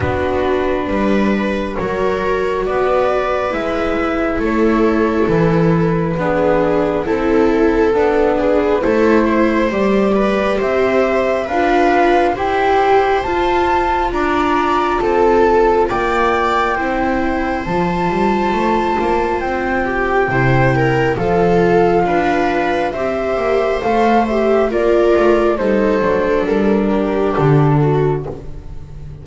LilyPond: <<
  \new Staff \with { instrumentName = "flute" } { \time 4/4 \tempo 4 = 68 b'2 cis''4 d''4 | e''4 cis''4 b'2 | a'4. b'8 c''4 d''4 | e''4 f''4 g''4 a''4 |
ais''4 a''4 g''2 | a''2 g''2 | f''2 e''4 f''8 e''8 | d''4 c''4 ais'4 a'4 | }
  \new Staff \with { instrumentName = "viola" } { \time 4/4 fis'4 b'4 ais'4 b'4~ | b'4 a'2 gis'4 | a'4. gis'8 a'8 c''4 b'8 | c''4 b'4 c''2 |
d''4 a'4 d''4 c''4~ | c''2~ c''8 g'8 c''8 ais'8 | a'4 b'4 c''2 | ais'4 a'4. g'4 fis'8 | }
  \new Staff \with { instrumentName = "viola" } { \time 4/4 d'2 fis'2 | e'2. d'4 | e'4 d'4 e'4 g'4~ | g'4 f'4 g'4 f'4~ |
f'2. e'4 | f'2. e'4 | f'2 g'4 a'8 g'8 | f'4 dis'8 d'2~ d'8 | }
  \new Staff \with { instrumentName = "double bass" } { \time 4/4 b4 g4 fis4 b4 | gis4 a4 e4 b4 | c'4 b4 a4 g4 | c'4 d'4 e'4 f'4 |
d'4 c'4 ais4 c'4 | f8 g8 a8 ais8 c'4 c4 | f4 d'4 c'8 ais8 a4 | ais8 a8 g8 fis8 g4 d4 | }
>>